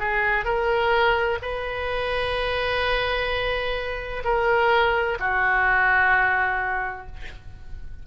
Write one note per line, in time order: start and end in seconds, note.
0.00 0.45 G#4
0.45 1.39 A#4
1.42 4.24 B4
4.25 5.19 A#4
5.20 7.07 F#4